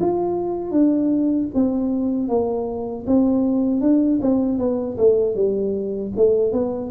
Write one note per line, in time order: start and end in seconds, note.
0.00 0.71 F4
0.71 1.48 D4
1.55 2.28 C4
2.28 3.05 A#3
3.07 3.81 C4
3.81 4.20 D4
4.22 4.59 C4
4.59 4.97 B3
4.98 5.35 A3
5.35 6.12 G3
6.17 6.53 A3
6.53 6.91 B3